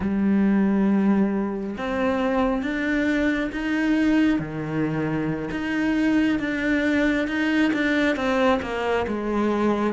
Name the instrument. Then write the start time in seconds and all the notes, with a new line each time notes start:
cello
0.00 G3
1.77 C4
2.62 D4
3.52 D#4
4.39 D#3
5.51 D#4
6.39 D4
7.28 D#4
7.72 D4
8.16 C4
8.61 A#3
9.07 G#3